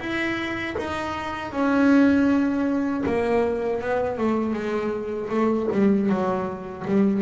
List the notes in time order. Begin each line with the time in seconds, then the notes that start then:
0.00 E4
0.78 D#4
1.52 C#4
3.06 A#3
3.81 B3
4.18 A3
4.54 G#3
5.30 A3
5.72 G3
6.10 F#3
6.87 G3